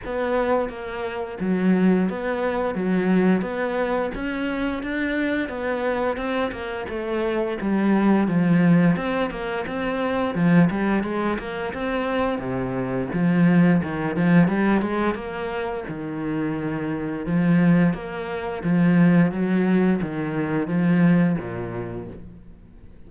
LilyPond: \new Staff \with { instrumentName = "cello" } { \time 4/4 \tempo 4 = 87 b4 ais4 fis4 b4 | fis4 b4 cis'4 d'4 | b4 c'8 ais8 a4 g4 | f4 c'8 ais8 c'4 f8 g8 |
gis8 ais8 c'4 c4 f4 | dis8 f8 g8 gis8 ais4 dis4~ | dis4 f4 ais4 f4 | fis4 dis4 f4 ais,4 | }